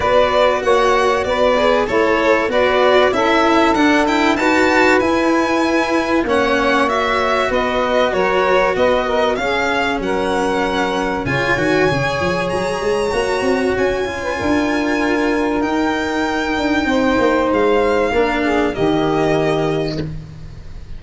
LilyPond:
<<
  \new Staff \with { instrumentName = "violin" } { \time 4/4 \tempo 4 = 96 d''4 fis''4 d''4 cis''4 | d''4 e''4 fis''8 g''8 a''4 | gis''2 fis''4 e''4 | dis''4 cis''4 dis''4 f''4 |
fis''2 gis''2 | ais''2 gis''2~ | gis''4 g''2. | f''2 dis''2 | }
  \new Staff \with { instrumentName = "saxophone" } { \time 4/4 b'4 cis''4 b'4 e'4 | b'4 a'2 b'4~ | b'2 cis''2 | b'4 ais'4 b'8 ais'8 gis'4 |
ais'2 cis''2~ | cis''2~ cis''8. b'16 ais'4~ | ais'2. c''4~ | c''4 ais'8 gis'8 g'2 | }
  \new Staff \with { instrumentName = "cello" } { \time 4/4 fis'2~ fis'8 gis'8 a'4 | fis'4 e'4 d'8 e'8 fis'4 | e'2 cis'4 fis'4~ | fis'2. cis'4~ |
cis'2 f'8 fis'8 gis'4~ | gis'4 fis'4. f'4.~ | f'4 dis'2.~ | dis'4 d'4 ais2 | }
  \new Staff \with { instrumentName = "tuba" } { \time 4/4 b4 ais4 b4 a4 | b4 cis'4 d'4 dis'4 | e'2 ais2 | b4 fis4 b4 cis'4 |
fis2 cis8 dis8 cis8 f8 | fis8 gis8 ais8 c'8 cis'4 d'4~ | d'4 dis'4. d'8 c'8 ais8 | gis4 ais4 dis2 | }
>>